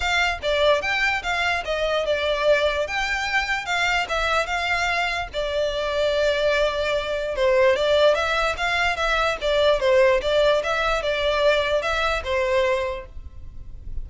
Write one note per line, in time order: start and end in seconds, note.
0.00 0.38 F5
0.42 0.81 D5
0.81 1.22 G5
1.22 1.63 F5
1.64 2.05 D#5
2.05 2.87 D5
2.87 3.65 G5
3.65 4.06 F5
4.08 4.46 E5
4.46 5.28 F5
5.33 7.35 D5
7.35 7.76 C5
7.76 8.14 D5
8.14 8.55 E5
8.57 8.96 F5
8.96 9.37 E5
9.41 9.80 D5
9.80 10.20 C5
10.21 10.62 D5
10.63 11.02 E5
11.02 11.82 D5
11.82 12.22 E5
12.24 13.05 C5